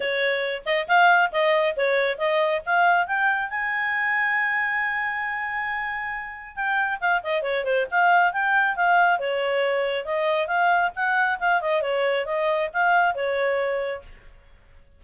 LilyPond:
\new Staff \with { instrumentName = "clarinet" } { \time 4/4 \tempo 4 = 137 cis''4. dis''8 f''4 dis''4 | cis''4 dis''4 f''4 g''4 | gis''1~ | gis''2. g''4 |
f''8 dis''8 cis''8 c''8 f''4 g''4 | f''4 cis''2 dis''4 | f''4 fis''4 f''8 dis''8 cis''4 | dis''4 f''4 cis''2 | }